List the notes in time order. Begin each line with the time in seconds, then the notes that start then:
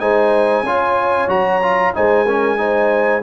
0.00 G#3 D#4 C5 G#5
0.63 C#4 F4 C#5
1.28 F#3 F#4 A#5
1.62 F4
1.94 G#3 D#4 C5 G#5
2.25 C#4 A#4
2.57 D#4 C5